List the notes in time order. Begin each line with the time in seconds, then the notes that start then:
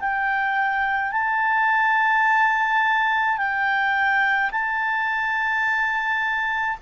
0.00 G5
1.12 A5
3.38 G5
4.51 A5